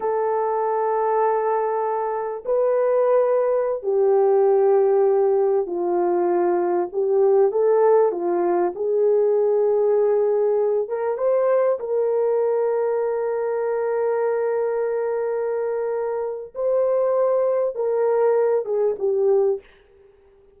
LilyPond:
\new Staff \with { instrumentName = "horn" } { \time 4/4 \tempo 4 = 98 a'1 | b'2~ b'16 g'4.~ g'16~ | g'4~ g'16 f'2 g'8.~ | g'16 a'4 f'4 gis'4.~ gis'16~ |
gis'4.~ gis'16 ais'8 c''4 ais'8.~ | ais'1~ | ais'2. c''4~ | c''4 ais'4. gis'8 g'4 | }